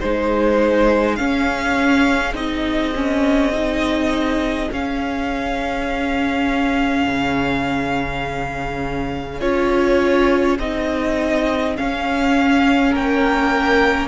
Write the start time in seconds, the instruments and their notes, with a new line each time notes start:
0.00 cello G#3, viola D#4, violin G#4 C5
1.16 viola C#4, cello C#4, violin F5
2.34 cello C4, viola D#4, violin D#5
2.96 viola C#4
3.53 viola D#4
4.72 cello C#4, viola C#4, violin F5
7.08 cello C#3
9.40 cello C#4, viola F4, violin C#5
10.59 cello C4, viola D#4, violin D#5
11.77 viola C#4, cello C#4, violin F5
12.91 cello A#3, violin A#4 G5